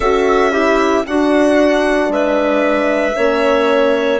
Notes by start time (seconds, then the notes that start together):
0.00 C#4 F#4 A4 E5
0.51 E4 G4
1.05 D4 F#4 F#5
2.08 G#3 B4 E5
3.14 A#3 C#4 C#5